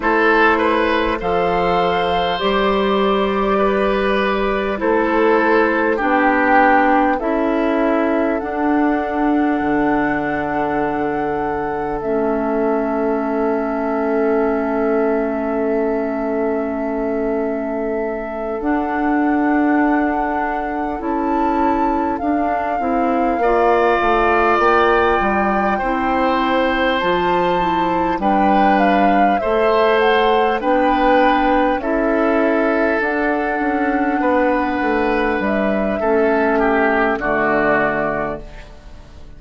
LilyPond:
<<
  \new Staff \with { instrumentName = "flute" } { \time 4/4 \tempo 4 = 50 c''4 f''4 d''2 | c''4 g''4 e''4 fis''4~ | fis''2 e''2~ | e''2.~ e''8 fis''8~ |
fis''4. a''4 f''4.~ | f''8 g''2 a''4 g''8 | f''8 e''8 fis''8 g''4 e''4 fis''8~ | fis''4. e''4. d''4 | }
  \new Staff \with { instrumentName = "oboe" } { \time 4/4 a'8 b'8 c''2 b'4 | a'4 g'4 a'2~ | a'1~ | a'1~ |
a'2.~ a'8 d''8~ | d''4. c''2 b'8~ | b'8 c''4 b'4 a'4.~ | a'8 b'4. a'8 g'8 fis'4 | }
  \new Staff \with { instrumentName = "clarinet" } { \time 4/4 e'4 a'4 g'2 | e'4 d'4 e'4 d'4~ | d'2 cis'2~ | cis'2.~ cis'8 d'8~ |
d'4. e'4 d'8 e'8 f'8~ | f'4. e'4 f'8 e'8 d'8~ | d'8 a'4 d'4 e'4 d'8~ | d'2 cis'4 a4 | }
  \new Staff \with { instrumentName = "bassoon" } { \time 4/4 a4 f4 g2 | a4 b4 cis'4 d'4 | d2 a2~ | a2.~ a8 d'8~ |
d'4. cis'4 d'8 c'8 ais8 | a8 ais8 g8 c'4 f4 g8~ | g8 a4 b4 cis'4 d'8 | cis'8 b8 a8 g8 a4 d4 | }
>>